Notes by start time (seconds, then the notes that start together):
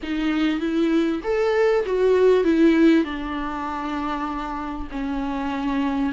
0.03 D#4
0.60 E4
1.23 A4
1.86 F#4
2.44 E4
3.04 D4
4.91 C#4